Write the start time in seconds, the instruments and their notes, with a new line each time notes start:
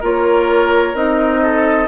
0.00 bassoon A#3, clarinet F4, oboe A#4, flute C#5
0.94 bassoon C4, clarinet D#4, flute D#5
1.42 oboe A4